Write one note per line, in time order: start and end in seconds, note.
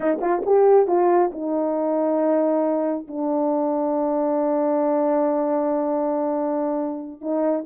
0.00 0.19 D#4
0.20 0.42 F4
0.45 0.87 G4
0.87 1.30 F4
1.32 3.07 D#4
3.07 7.21 D4
7.21 7.64 D#4